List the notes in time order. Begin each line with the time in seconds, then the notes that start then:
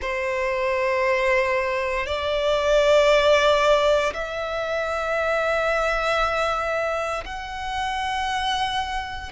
0.01 C5
2.06 D5
4.13 E5
7.25 F#5